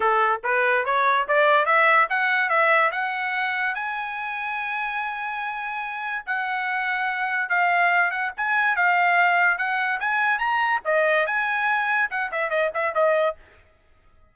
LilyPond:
\new Staff \with { instrumentName = "trumpet" } { \time 4/4 \tempo 4 = 144 a'4 b'4 cis''4 d''4 | e''4 fis''4 e''4 fis''4~ | fis''4 gis''2.~ | gis''2. fis''4~ |
fis''2 f''4. fis''8 | gis''4 f''2 fis''4 | gis''4 ais''4 dis''4 gis''4~ | gis''4 fis''8 e''8 dis''8 e''8 dis''4 | }